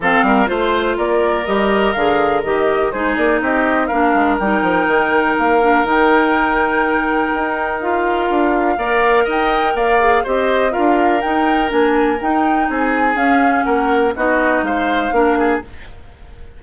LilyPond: <<
  \new Staff \with { instrumentName = "flute" } { \time 4/4 \tempo 4 = 123 f''4 c''4 d''4 dis''4 | f''4 dis''4 c''8 d''8 dis''4 | f''4 g''2 f''4 | g''1 |
f''2. g''4 | f''4 dis''4 f''4 g''4 | gis''4 g''4 gis''4 f''4 | fis''4 dis''4 f''2 | }
  \new Staff \with { instrumentName = "oboe" } { \time 4/4 a'8 ais'8 c''4 ais'2~ | ais'2 gis'4 g'4 | ais'1~ | ais'1~ |
ais'2 d''4 dis''4 | d''4 c''4 ais'2~ | ais'2 gis'2 | ais'4 fis'4 c''4 ais'8 gis'8 | }
  \new Staff \with { instrumentName = "clarinet" } { \time 4/4 c'4 f'2 g'4 | gis'4 g'4 dis'2 | d'4 dis'2~ dis'8 d'8 | dis'1 |
f'2 ais'2~ | ais'8 gis'8 g'4 f'4 dis'4 | d'4 dis'2 cis'4~ | cis'4 dis'2 d'4 | }
  \new Staff \with { instrumentName = "bassoon" } { \time 4/4 f8 g8 a4 ais4 g4 | d4 dis4 gis8 ais8 c'4 | ais8 gis8 g8 f8 dis4 ais4 | dis2. dis'4~ |
dis'4 d'4 ais4 dis'4 | ais4 c'4 d'4 dis'4 | ais4 dis'4 c'4 cis'4 | ais4 b4 gis4 ais4 | }
>>